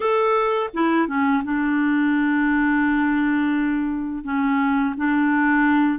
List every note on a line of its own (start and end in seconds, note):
0.00 0.70 A4
0.73 1.07 E4
1.07 1.42 C#4
1.44 4.24 D4
4.24 4.94 C#4
4.96 5.98 D4